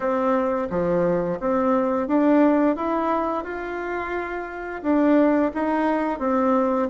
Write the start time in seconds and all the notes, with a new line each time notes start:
0.00 C4
0.70 F3
1.39 C4
2.07 D4
2.76 E4
3.44 F4
4.82 D4
5.53 D#4
6.19 C4